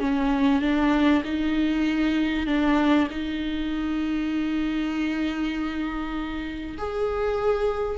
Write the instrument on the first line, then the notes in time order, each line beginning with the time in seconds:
viola
0.00 C#4
0.62 D4
1.24 D#4
2.47 D4
3.10 D#4
6.78 G#4